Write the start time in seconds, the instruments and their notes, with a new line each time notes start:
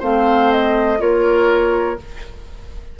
0.00 bassoon A3, clarinet C4, oboe C5, flute F5
0.52 flute D#5
0.99 bassoon A#3, clarinet F4, oboe A#4, flute C#5